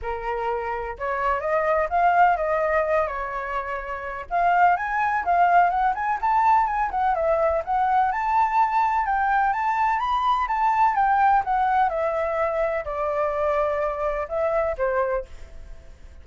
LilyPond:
\new Staff \with { instrumentName = "flute" } { \time 4/4 \tempo 4 = 126 ais'2 cis''4 dis''4 | f''4 dis''4. cis''4.~ | cis''4 f''4 gis''4 f''4 | fis''8 gis''8 a''4 gis''8 fis''8 e''4 |
fis''4 a''2 g''4 | a''4 b''4 a''4 g''4 | fis''4 e''2 d''4~ | d''2 e''4 c''4 | }